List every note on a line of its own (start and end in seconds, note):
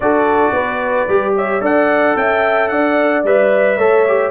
0.00 0.51 D4
0.00 1.08 F#4
0.00 0.53 A4
0.00 1.35 D5
0.52 1.06 B3
0.52 1.34 B4
1.08 1.60 G3
1.08 1.60 G4
1.35 1.61 C#5
1.35 1.64 E5
1.60 2.14 D4
1.60 3.22 A4
1.60 2.16 D5
1.60 2.16 F#5
2.16 2.70 C#4
2.16 2.71 E5
2.16 2.68 G5
2.68 3.23 D4
2.68 3.77 D5
2.68 3.22 F#5
3.23 3.77 G3
3.23 3.79 B4
3.23 4.31 E5
3.77 4.31 A3
3.77 4.06 A4
3.77 4.31 C#5
4.07 4.31 G4